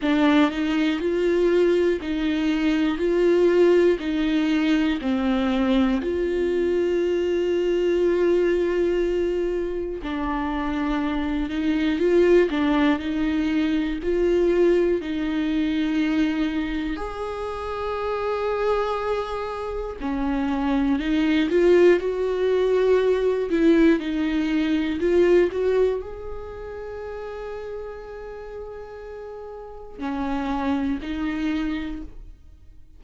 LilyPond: \new Staff \with { instrumentName = "viola" } { \time 4/4 \tempo 4 = 60 d'8 dis'8 f'4 dis'4 f'4 | dis'4 c'4 f'2~ | f'2 d'4. dis'8 | f'8 d'8 dis'4 f'4 dis'4~ |
dis'4 gis'2. | cis'4 dis'8 f'8 fis'4. e'8 | dis'4 f'8 fis'8 gis'2~ | gis'2 cis'4 dis'4 | }